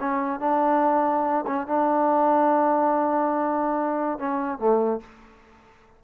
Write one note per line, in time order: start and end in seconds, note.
0.00 0.40 C#4
0.40 1.45 D4
1.47 1.67 C#4
1.67 4.19 D4
4.19 4.58 C#4
4.58 5.00 A3